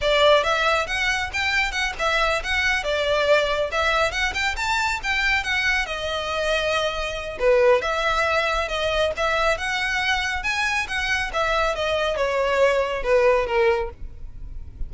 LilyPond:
\new Staff \with { instrumentName = "violin" } { \time 4/4 \tempo 4 = 138 d''4 e''4 fis''4 g''4 | fis''8 e''4 fis''4 d''4.~ | d''8 e''4 fis''8 g''8 a''4 g''8~ | g''8 fis''4 dis''2~ dis''8~ |
dis''4 b'4 e''2 | dis''4 e''4 fis''2 | gis''4 fis''4 e''4 dis''4 | cis''2 b'4 ais'4 | }